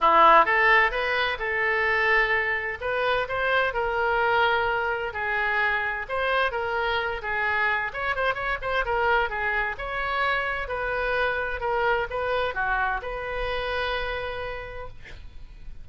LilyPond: \new Staff \with { instrumentName = "oboe" } { \time 4/4 \tempo 4 = 129 e'4 a'4 b'4 a'4~ | a'2 b'4 c''4 | ais'2. gis'4~ | gis'4 c''4 ais'4. gis'8~ |
gis'4 cis''8 c''8 cis''8 c''8 ais'4 | gis'4 cis''2 b'4~ | b'4 ais'4 b'4 fis'4 | b'1 | }